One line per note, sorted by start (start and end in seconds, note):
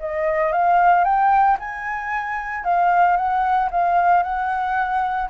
0.00 0.52 D#5
0.52 1.04 F5
1.04 1.57 G5
1.60 2.65 G#5
2.65 3.17 F5
3.17 3.70 F#5
3.71 4.23 F5
4.23 5.30 F#5